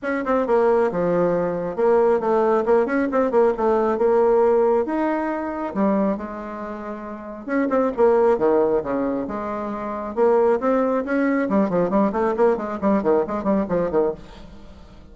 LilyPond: \new Staff \with { instrumentName = "bassoon" } { \time 4/4 \tempo 4 = 136 cis'8 c'8 ais4 f2 | ais4 a4 ais8 cis'8 c'8 ais8 | a4 ais2 dis'4~ | dis'4 g4 gis2~ |
gis4 cis'8 c'8 ais4 dis4 | cis4 gis2 ais4 | c'4 cis'4 g8 f8 g8 a8 | ais8 gis8 g8 dis8 gis8 g8 f8 dis8 | }